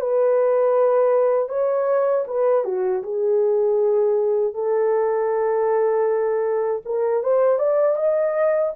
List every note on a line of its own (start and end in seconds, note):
0.00 1.48 B4
1.48 2.24 C#5
2.27 2.64 B4
2.64 3.02 F#4
3.02 4.54 G#4
4.54 6.81 A4
6.85 7.23 A#4
7.23 7.59 C5
7.59 7.96 D5
7.96 8.72 D#5